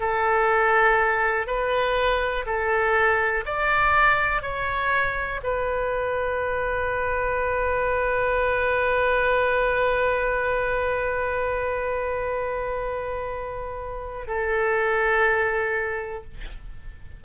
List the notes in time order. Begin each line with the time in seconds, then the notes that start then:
0.00 A4
1.47 B4
2.46 A4
3.46 D5
4.42 C#5
5.43 B4
14.27 A4